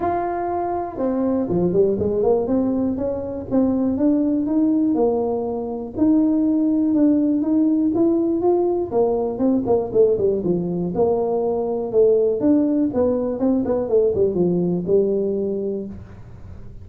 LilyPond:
\new Staff \with { instrumentName = "tuba" } { \time 4/4 \tempo 4 = 121 f'2 c'4 f8 g8 | gis8 ais8 c'4 cis'4 c'4 | d'4 dis'4 ais2 | dis'2 d'4 dis'4 |
e'4 f'4 ais4 c'8 ais8 | a8 g8 f4 ais2 | a4 d'4 b4 c'8 b8 | a8 g8 f4 g2 | }